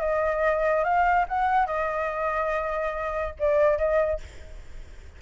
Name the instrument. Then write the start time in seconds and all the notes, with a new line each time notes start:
flute
0.00 D#5
0.84 F5
1.28 F#5
1.66 D#5
3.39 D5
3.78 D#5